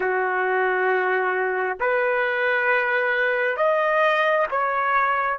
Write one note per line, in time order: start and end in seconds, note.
0.00 1.77 F#4
1.80 3.56 B4
3.56 4.46 D#5
4.50 5.38 C#5